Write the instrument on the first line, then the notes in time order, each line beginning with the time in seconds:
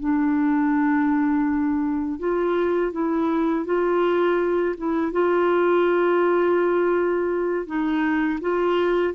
clarinet
0.00 D4
2.19 F4
2.92 E4
3.66 F4
4.77 E4
5.12 F4
7.66 D#4
8.41 F4